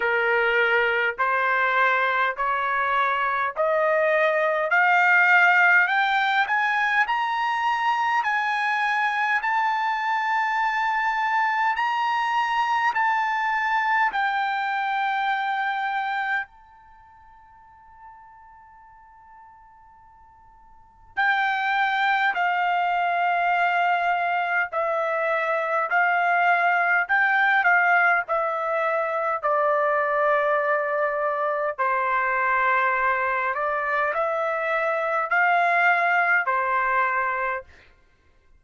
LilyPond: \new Staff \with { instrumentName = "trumpet" } { \time 4/4 \tempo 4 = 51 ais'4 c''4 cis''4 dis''4 | f''4 g''8 gis''8 ais''4 gis''4 | a''2 ais''4 a''4 | g''2 a''2~ |
a''2 g''4 f''4~ | f''4 e''4 f''4 g''8 f''8 | e''4 d''2 c''4~ | c''8 d''8 e''4 f''4 c''4 | }